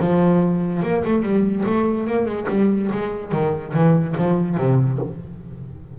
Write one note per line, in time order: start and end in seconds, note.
0.00 0.83 F3
0.83 1.04 A#3
1.05 1.23 A3
1.23 1.64 G3
1.66 2.07 A3
2.07 2.26 A#3
2.26 2.47 G#3
2.49 2.91 G3
2.92 3.32 G#3
3.32 3.73 D#3
3.74 4.16 E3
4.18 4.58 F3
4.58 4.99 C3